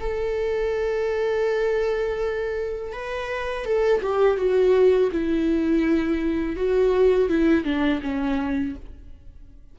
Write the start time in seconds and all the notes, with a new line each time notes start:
0.00 A4
2.93 B4
3.65 A4
4.02 G4
4.37 F#4
5.12 E4
6.56 F#4
7.29 E4
7.64 D4
8.03 C#4